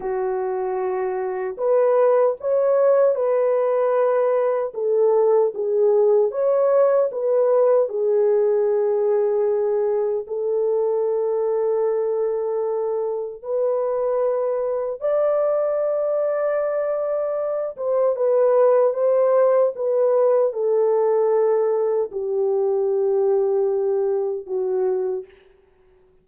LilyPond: \new Staff \with { instrumentName = "horn" } { \time 4/4 \tempo 4 = 76 fis'2 b'4 cis''4 | b'2 a'4 gis'4 | cis''4 b'4 gis'2~ | gis'4 a'2.~ |
a'4 b'2 d''4~ | d''2~ d''8 c''8 b'4 | c''4 b'4 a'2 | g'2. fis'4 | }